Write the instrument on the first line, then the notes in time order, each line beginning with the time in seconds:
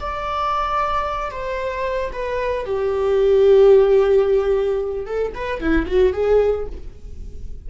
viola
0.00 D5
1.31 C5
2.12 B4
2.65 G4
5.06 A4
5.34 B4
5.60 E4
5.86 F#4
6.13 G#4